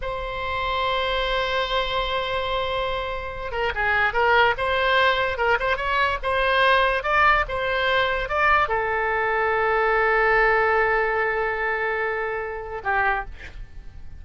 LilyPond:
\new Staff \with { instrumentName = "oboe" } { \time 4/4 \tempo 4 = 145 c''1~ | c''1~ | c''8 ais'8 gis'4 ais'4 c''4~ | c''4 ais'8 c''8 cis''4 c''4~ |
c''4 d''4 c''2 | d''4 a'2.~ | a'1~ | a'2. g'4 | }